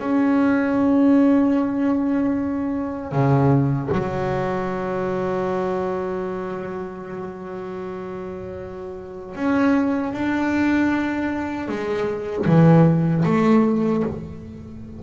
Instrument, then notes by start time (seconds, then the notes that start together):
double bass
0.00 C#4
3.12 C#3
3.92 F#3
9.35 C#4
10.13 D4
11.68 G#3
12.46 E3
13.25 A3